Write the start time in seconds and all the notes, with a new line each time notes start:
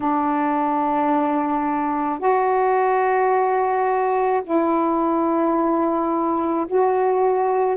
0.00 D4
2.19 F#4
4.44 E4
6.67 F#4